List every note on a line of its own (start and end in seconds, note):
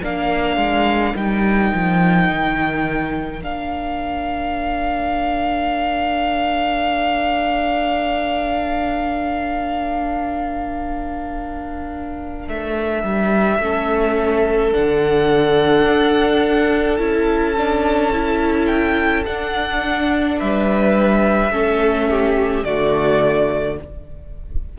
0.00 0.57 A#3
0.00 1.15 D4
0.00 13.58 A#4
0.00 1.16 F5
0.57 1.13 G#3
1.15 1.72 G3
1.15 3.41 D#4
1.15 3.42 G5
1.73 2.30 F3
2.30 3.42 D#3
3.42 12.48 A#3
3.42 13.60 D4
3.42 12.48 F5
12.48 13.03 A3
12.48 14.72 E5
13.03 13.59 G3
13.59 14.72 A3
13.59 14.71 C#4
13.59 20.39 A4
14.71 15.86 D3
14.71 16.98 D4
14.71 16.96 F#5
15.86 16.99 D4
16.96 19.25 C#4
16.96 17.54 E4
16.96 18.66 A5
17.57 18.12 D4
18.12 19.25 E4
18.66 19.23 G5
19.25 21.51 D4
19.25 20.40 D4
19.25 20.38 F#5
20.39 21.50 G3
20.39 21.52 B4
20.39 22.64 E5
21.50 22.63 A3
21.50 22.64 C#4
21.50 22.08 A4
22.09 22.65 G4
22.64 23.78 D3
22.64 23.78 A3
22.64 23.79 F#4
22.64 23.77 D5